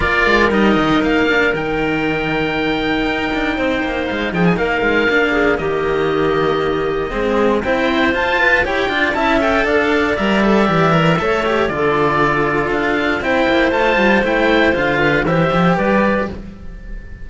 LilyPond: <<
  \new Staff \with { instrumentName = "oboe" } { \time 4/4 \tempo 4 = 118 d''4 dis''4 f''4 g''4~ | g''1 | f''8 g''16 gis''16 f''2 dis''4~ | dis''2. g''4 |
a''4 g''4 a''8 g''8 f''4 | e''2. d''4~ | d''4 f''4 g''4 a''4 | g''4 f''4 e''4 d''4 | }
  \new Staff \with { instrumentName = "clarinet" } { \time 4/4 ais'1~ | ais'2. c''4~ | c''8 gis'8 ais'4. gis'8 g'4~ | g'2 gis'4 c''4~ |
c''8 b'8 cis''8 d''8 e''4 d''4~ | d''2 cis''4 a'4~ | a'2 c''2~ | c''4. b'8 c''4 b'4 | }
  \new Staff \with { instrumentName = "cello" } { \time 4/4 f'4 dis'4. d'8 dis'4~ | dis'1~ | dis'2 d'4 ais4~ | ais2 c'4 e'4 |
f'4 g'8 f'8 e'8 a'4. | ais'8 a'8 g'8 ais'8 a'8 g'8 f'4~ | f'2 e'4 f'4 | e'4 f'4 g'2 | }
  \new Staff \with { instrumentName = "cello" } { \time 4/4 ais8 gis8 g8 dis8 ais4 dis4~ | dis2 dis'8 d'8 c'8 ais8 | gis8 f8 ais8 gis8 ais4 dis4~ | dis2 gis4 c'4 |
f'4 e'8 d'8 cis'4 d'4 | g4 e4 a4 d4~ | d4 d'4 c'8 ais8 a8 g8 | a4 d4 e8 f8 g4 | }
>>